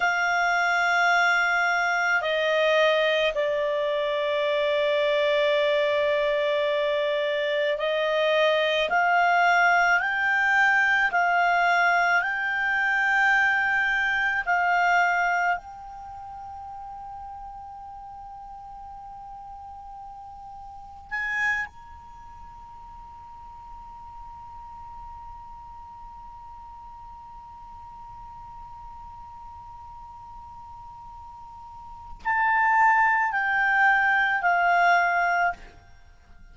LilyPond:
\new Staff \with { instrumentName = "clarinet" } { \time 4/4 \tempo 4 = 54 f''2 dis''4 d''4~ | d''2. dis''4 | f''4 g''4 f''4 g''4~ | g''4 f''4 g''2~ |
g''2. gis''8 ais''8~ | ais''1~ | ais''1~ | ais''4 a''4 g''4 f''4 | }